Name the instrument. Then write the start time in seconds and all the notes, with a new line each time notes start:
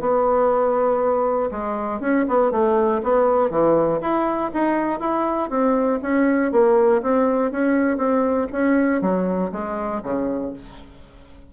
bassoon
0.00 B3
1.51 G#3
2.00 C#4
2.28 B3
2.51 A3
3.03 B3
3.50 E3
4.01 E4
4.53 D#4
5.00 E4
5.50 C4
6.02 C#4
6.52 A#3
7.02 C4
7.51 C#4
7.97 C4
8.52 C#4
9.01 F#3
9.52 G#3
10.03 C#3